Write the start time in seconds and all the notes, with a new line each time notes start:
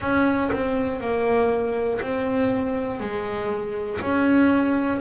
0.00 C#4
0.51 C4
1.00 A#3
2.00 C4
3.00 G#3
4.00 C#4